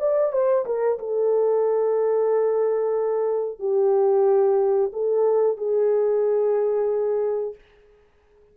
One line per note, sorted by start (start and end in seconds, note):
0.00 0.33 D5
0.33 0.66 C5
0.66 0.99 A#4
0.99 3.60 A4
3.60 4.92 G4
4.93 5.57 A4
5.57 7.55 G#4